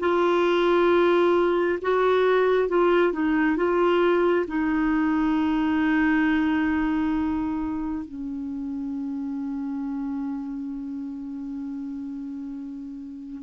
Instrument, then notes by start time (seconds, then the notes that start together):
clarinet
0.00 F4
1.82 F#4
2.69 F4
3.13 D#4
3.57 F4
4.47 D#4
8.05 C#4